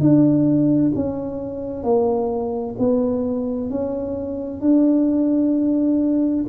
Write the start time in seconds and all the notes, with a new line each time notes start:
0.00 D4
0.95 C#4
1.83 A#3
2.79 B3
3.70 C#4
4.61 D4